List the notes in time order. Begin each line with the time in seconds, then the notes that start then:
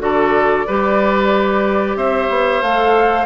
0.00 D3 F#4 A4 D5
0.67 G3 G4 B4
1.96 C4 C5 E5
2.30 B3
2.62 A3 A4 F5